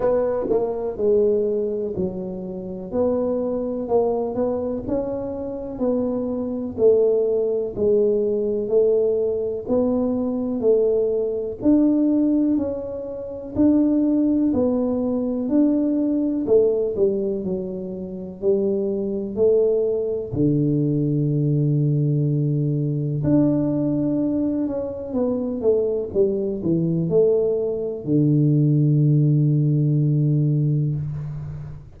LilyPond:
\new Staff \with { instrumentName = "tuba" } { \time 4/4 \tempo 4 = 62 b8 ais8 gis4 fis4 b4 | ais8 b8 cis'4 b4 a4 | gis4 a4 b4 a4 | d'4 cis'4 d'4 b4 |
d'4 a8 g8 fis4 g4 | a4 d2. | d'4. cis'8 b8 a8 g8 e8 | a4 d2. | }